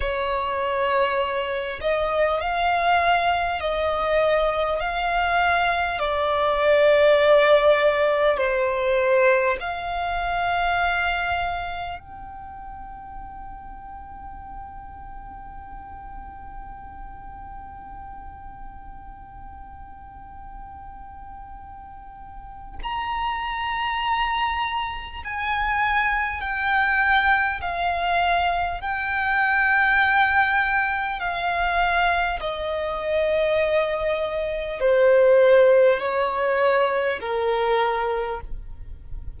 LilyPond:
\new Staff \with { instrumentName = "violin" } { \time 4/4 \tempo 4 = 50 cis''4. dis''8 f''4 dis''4 | f''4 d''2 c''4 | f''2 g''2~ | g''1~ |
g''2. ais''4~ | ais''4 gis''4 g''4 f''4 | g''2 f''4 dis''4~ | dis''4 c''4 cis''4 ais'4 | }